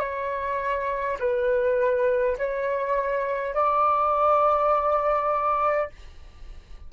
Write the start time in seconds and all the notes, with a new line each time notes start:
0.00 C#5
1.20 B4
2.38 C#5
3.55 D5